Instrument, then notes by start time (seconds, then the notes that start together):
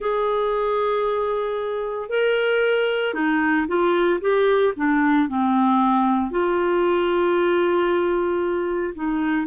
clarinet
0.00 G#4
2.09 A#4
3.13 D#4
3.67 F4
4.21 G4
4.76 D4
5.28 C4
6.31 F4
8.95 D#4